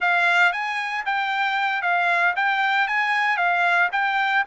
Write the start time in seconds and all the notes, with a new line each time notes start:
0.00 F5
0.52 G#5
1.05 G5
1.82 F5
2.36 G5
2.87 G#5
3.37 F5
3.92 G5